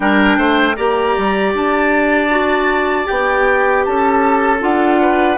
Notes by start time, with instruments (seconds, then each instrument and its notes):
0.00 bassoon G3, clarinet D4, oboe A#4, flute G5
0.37 bassoon A3, oboe C5
0.75 bassoon A#3, clarinet G4, oboe D5, flute A#5
1.17 bassoon G3
1.54 bassoon D4, flute A5
2.30 clarinet F#4
3.04 bassoon B3, clarinet G4, flute G5
3.84 bassoon C#4, oboe A4, flute A5
4.60 bassoon D4, clarinet F4, flute F#5
5.01 oboe B4